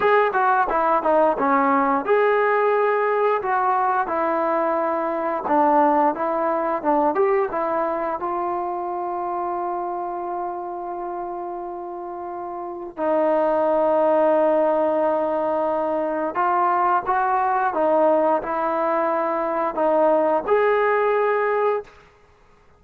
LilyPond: \new Staff \with { instrumentName = "trombone" } { \time 4/4 \tempo 4 = 88 gis'8 fis'8 e'8 dis'8 cis'4 gis'4~ | gis'4 fis'4 e'2 | d'4 e'4 d'8 g'8 e'4 | f'1~ |
f'2. dis'4~ | dis'1 | f'4 fis'4 dis'4 e'4~ | e'4 dis'4 gis'2 | }